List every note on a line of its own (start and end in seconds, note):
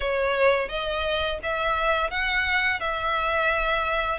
0.00 0.68 C#5
0.68 1.38 D#5
1.43 2.10 E5
2.10 2.80 F#5
2.80 4.19 E5